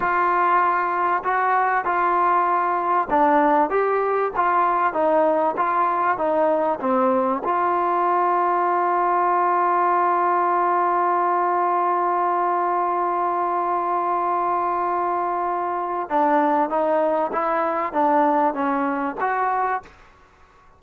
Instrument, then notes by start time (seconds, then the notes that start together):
trombone
0.00 F4
1.24 F#4
1.84 F4
3.09 D4
3.69 G4
4.36 F4
4.93 D#4
5.56 F4
6.17 D#4
6.80 C4
7.44 F4
16.09 D4
16.69 D#4
17.32 E4
17.92 D4
18.53 C#4
19.20 F#4